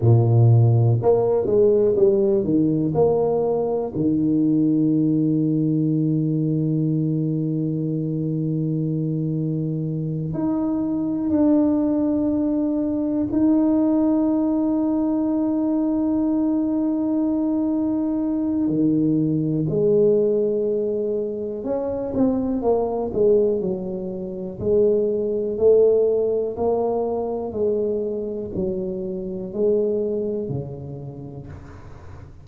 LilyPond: \new Staff \with { instrumentName = "tuba" } { \time 4/4 \tempo 4 = 61 ais,4 ais8 gis8 g8 dis8 ais4 | dis1~ | dis2~ dis8 dis'4 d'8~ | d'4. dis'2~ dis'8~ |
dis'2. dis4 | gis2 cis'8 c'8 ais8 gis8 | fis4 gis4 a4 ais4 | gis4 fis4 gis4 cis4 | }